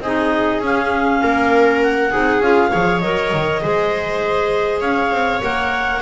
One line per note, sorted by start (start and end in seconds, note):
0.00 0.60 C4
0.00 0.63 D#4
0.00 1.23 G#4
0.00 0.62 D#5
0.60 1.20 C#4
0.60 2.12 C#4
0.60 1.83 F5
1.23 2.14 A#3
1.23 2.11 A#4
1.83 2.43 F#5
2.11 2.41 C4
2.11 2.42 D#4
2.11 2.71 G#4
2.41 2.71 C#4
2.41 2.72 F4
2.41 3.00 F5
2.71 3.03 F3
2.71 3.02 G#4
2.71 3.61 C#5
3.00 3.33 F#3
3.00 3.62 A#4
3.00 4.80 D#5
3.34 3.64 D#3
3.62 4.81 G#3
3.62 5.42 G#4
3.62 4.81 C5
4.81 5.11 C#4
4.81 6.01 C#5
4.81 5.41 F5
5.12 5.42 C4
5.42 6.02 A#3
5.42 6.02 A#4
5.42 6.02 F#5